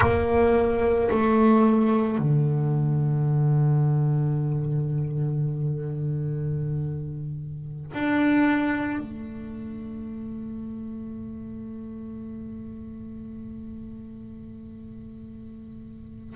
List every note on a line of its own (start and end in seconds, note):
0.00 1.09 A#3
1.10 2.18 A3
2.18 7.91 D3
7.93 8.99 D4
8.99 16.35 A3